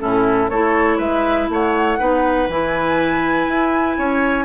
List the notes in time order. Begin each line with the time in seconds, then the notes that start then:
0.00 A2 C#4 E4 A4
0.50 A3 E4 A4 C#5
0.98 G#3 B4 E5
1.49 A3 C#5 F#5
1.99 B3 D#4 B4
2.49 E3 E4 G#5
3.48 E4
3.98 C#4 C#5